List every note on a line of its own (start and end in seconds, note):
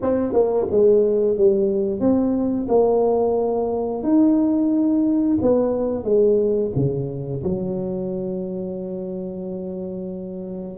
0.02 0.32 C4
0.32 0.66 A#3
0.70 1.37 G#3
1.37 1.99 G3
1.99 2.67 C4
2.68 4.03 A#3
4.03 5.37 D#4
5.41 6.04 B3
6.04 6.71 G#3
6.75 7.42 C#3
7.43 10.77 F#3